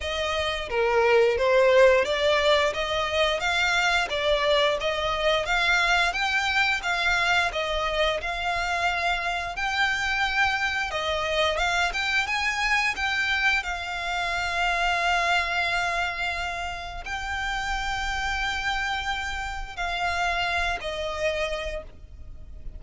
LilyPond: \new Staff \with { instrumentName = "violin" } { \time 4/4 \tempo 4 = 88 dis''4 ais'4 c''4 d''4 | dis''4 f''4 d''4 dis''4 | f''4 g''4 f''4 dis''4 | f''2 g''2 |
dis''4 f''8 g''8 gis''4 g''4 | f''1~ | f''4 g''2.~ | g''4 f''4. dis''4. | }